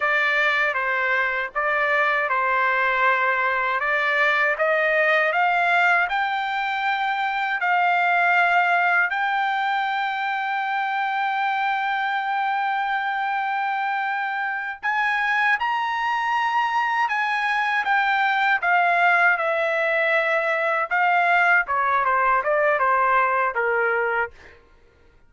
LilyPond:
\new Staff \with { instrumentName = "trumpet" } { \time 4/4 \tempo 4 = 79 d''4 c''4 d''4 c''4~ | c''4 d''4 dis''4 f''4 | g''2 f''2 | g''1~ |
g''2.~ g''8 gis''8~ | gis''8 ais''2 gis''4 g''8~ | g''8 f''4 e''2 f''8~ | f''8 cis''8 c''8 d''8 c''4 ais'4 | }